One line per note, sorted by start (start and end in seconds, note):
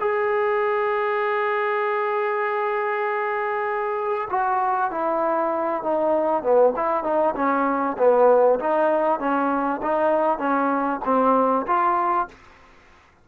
0.00 4.29 G#4
4.30 4.91 F#4
4.91 5.83 E4
5.83 6.43 D#4
6.43 6.73 B3
6.76 7.04 E4
7.04 7.34 D#4
7.36 7.97 C#4
7.98 8.59 B3
8.60 9.20 D#4
9.20 9.81 C#4
9.82 10.39 D#4
10.39 11.00 C#4
11.05 11.66 C4
11.67 12.28 F4